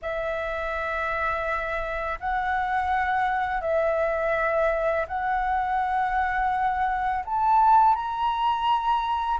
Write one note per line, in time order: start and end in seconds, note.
0.02 2.19 E5
2.20 3.61 F#5
3.61 5.05 E5
5.07 7.24 F#5
7.25 7.95 A5
7.95 9.39 A#5